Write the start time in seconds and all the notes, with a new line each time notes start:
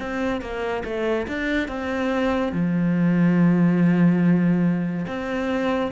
0.00 C4
0.41 A#3
0.85 A3
1.28 D4
1.69 C4
2.53 F3
5.07 C4